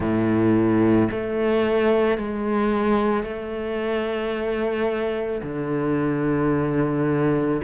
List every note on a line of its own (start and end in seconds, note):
0.00 1.09 A2
1.10 2.17 A3
2.17 3.23 G#3
3.23 5.41 A3
5.42 7.61 D3